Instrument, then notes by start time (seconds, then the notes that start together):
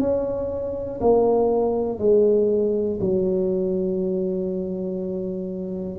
tuba
0.00 C#4
1.01 A#3
1.99 G#3
3.00 F#3